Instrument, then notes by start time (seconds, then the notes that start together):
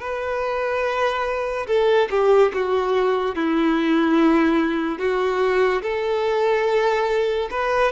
violin
0.00 B4
1.67 A4
2.10 G4
2.53 F#4
3.35 E4
4.98 F#4
5.82 A4
7.51 B4